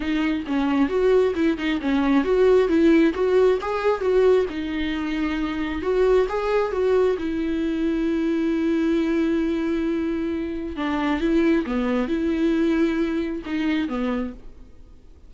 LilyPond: \new Staff \with { instrumentName = "viola" } { \time 4/4 \tempo 4 = 134 dis'4 cis'4 fis'4 e'8 dis'8 | cis'4 fis'4 e'4 fis'4 | gis'4 fis'4 dis'2~ | dis'4 fis'4 gis'4 fis'4 |
e'1~ | e'1 | d'4 e'4 b4 e'4~ | e'2 dis'4 b4 | }